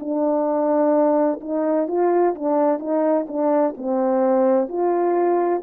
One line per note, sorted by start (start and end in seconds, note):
0.00 1.41 D4
1.41 1.88 D#4
1.88 2.35 F4
2.35 2.80 D4
2.80 3.26 D#4
3.28 3.75 D4
3.77 4.69 C4
4.69 5.62 F4